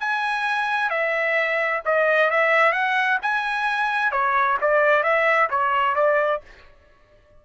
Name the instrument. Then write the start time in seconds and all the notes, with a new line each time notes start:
trumpet
0.00 G#5
0.90 E5
1.85 D#5
2.30 E5
2.72 F#5
3.22 G#5
4.12 C#5
4.61 D5
5.03 E5
5.50 C#5
5.95 D5